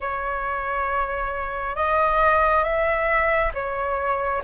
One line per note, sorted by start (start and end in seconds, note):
0.00 1.75 C#5
1.75 2.64 D#5
2.64 3.52 E5
3.54 4.42 C#5